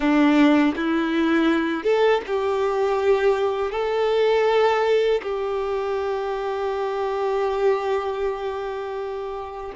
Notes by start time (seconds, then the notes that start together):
0.00 D4
0.75 E4
1.83 A4
2.26 G4
3.71 A4
5.22 G4